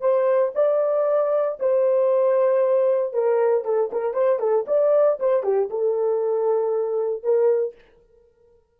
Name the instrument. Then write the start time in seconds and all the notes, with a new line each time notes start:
horn
0.00 C5
0.55 D5
1.59 C5
3.13 A#4
3.64 A4
3.92 A#4
4.13 C5
4.39 A4
4.67 D5
5.19 C5
5.43 G4
5.69 A4
7.23 A#4